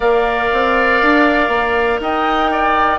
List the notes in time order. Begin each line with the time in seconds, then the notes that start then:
0.00 A#3 A#4 D5 F5
0.52 C4
1.02 D4
1.48 A#3
2.00 D#4 D#5 G5
2.51 D5